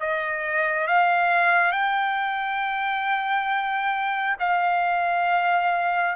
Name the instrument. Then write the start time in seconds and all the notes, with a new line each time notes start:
trumpet
0.00 D#5
0.87 F5
1.72 G5
4.39 F5